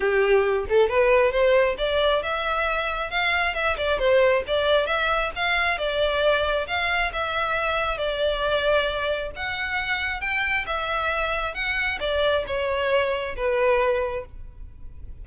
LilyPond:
\new Staff \with { instrumentName = "violin" } { \time 4/4 \tempo 4 = 135 g'4. a'8 b'4 c''4 | d''4 e''2 f''4 | e''8 d''8 c''4 d''4 e''4 | f''4 d''2 f''4 |
e''2 d''2~ | d''4 fis''2 g''4 | e''2 fis''4 d''4 | cis''2 b'2 | }